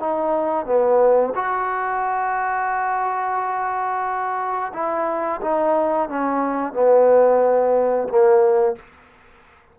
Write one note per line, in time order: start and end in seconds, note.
0.00 0.66 D#4
0.66 1.33 B3
1.35 4.72 F#4
4.73 5.41 E4
5.41 6.09 D#4
6.09 6.73 C#4
6.73 8.08 B3
8.08 8.76 A#3